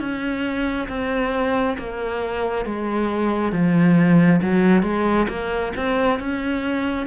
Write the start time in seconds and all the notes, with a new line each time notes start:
0.00 C#4
0.89 C4
1.78 A#3
2.66 G#3
3.53 F3
4.42 F#3
4.83 G#3
5.29 A#3
5.77 C4
6.20 C#4